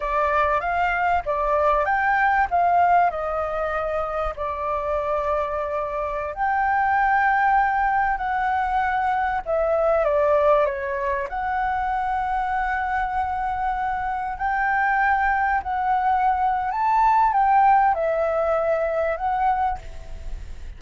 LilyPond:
\new Staff \with { instrumentName = "flute" } { \time 4/4 \tempo 4 = 97 d''4 f''4 d''4 g''4 | f''4 dis''2 d''4~ | d''2~ d''16 g''4.~ g''16~ | g''4~ g''16 fis''2 e''8.~ |
e''16 d''4 cis''4 fis''4.~ fis''16~ | fis''2.~ fis''16 g''8.~ | g''4~ g''16 fis''4.~ fis''16 a''4 | g''4 e''2 fis''4 | }